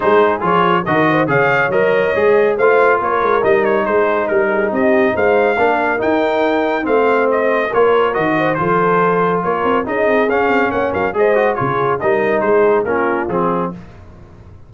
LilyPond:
<<
  \new Staff \with { instrumentName = "trumpet" } { \time 4/4 \tempo 4 = 140 c''4 cis''4 dis''4 f''4 | dis''2 f''4 cis''4 | dis''8 cis''8 c''4 ais'4 dis''4 | f''2 g''2 |
f''4 dis''4 cis''4 dis''4 | c''2 cis''4 dis''4 | f''4 fis''8 f''8 dis''4 cis''4 | dis''4 c''4 ais'4 gis'4 | }
  \new Staff \with { instrumentName = "horn" } { \time 4/4 gis'2 ais'8 c''8 cis''4~ | cis''2 c''4 ais'4~ | ais'4 gis'4 ais'8 gis'8 g'4 | c''4 ais'2. |
c''2 ais'4. c''8 | a'2 ais'4 gis'4~ | gis'4 cis''8 ais'8 c''4 gis'4 | ais'4 gis'4 f'2 | }
  \new Staff \with { instrumentName = "trombone" } { \time 4/4 dis'4 f'4 fis'4 gis'4 | ais'4 gis'4 f'2 | dis'1~ | dis'4 d'4 dis'2 |
c'2 f'4 fis'4 | f'2. dis'4 | cis'2 gis'8 fis'8 f'4 | dis'2 cis'4 c'4 | }
  \new Staff \with { instrumentName = "tuba" } { \time 4/4 gis4 f4 dis4 cis4 | fis4 gis4 a4 ais8 gis8 | g4 gis4 g4 c'4 | gis4 ais4 dis'2 |
a2 ais4 dis4 | f2 ais8 c'8 cis'8 c'8 | cis'8 c'8 ais8 fis8 gis4 cis4 | g4 gis4 ais4 f4 | }
>>